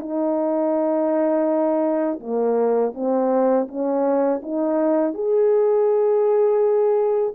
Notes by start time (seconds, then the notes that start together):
0.00 D#4
2.20 A#3
2.95 C4
3.68 C#4
4.43 D#4
5.14 G#4